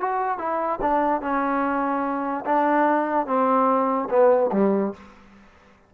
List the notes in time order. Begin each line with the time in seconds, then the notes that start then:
0.00 F#4
0.38 E4
0.81 D4
1.21 C#4
2.45 D4
3.27 C4
4.10 B3
4.52 G3